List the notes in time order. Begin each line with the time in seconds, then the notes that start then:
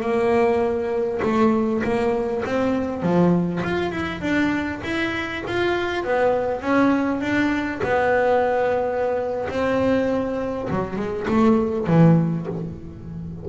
0.00 A#3
1.22 A3
1.83 A#3
2.45 C4
3.02 F3
3.63 F4
3.91 E4
4.21 D4
4.83 E4
5.47 F4
6.03 B3
6.61 C#4
7.20 D4
7.83 B3
9.48 C4
10.70 F#3
10.96 G#3
11.27 A3
11.86 E3